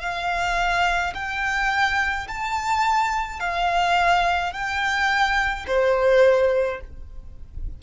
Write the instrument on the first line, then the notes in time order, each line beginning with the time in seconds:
violin
0.00 F5
1.14 G5
2.27 A5
3.40 F5
4.52 G5
5.67 C5